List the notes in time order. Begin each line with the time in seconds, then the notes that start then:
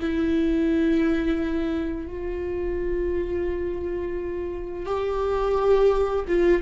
0.00 E4
2.07 F4
4.86 G4
6.27 F4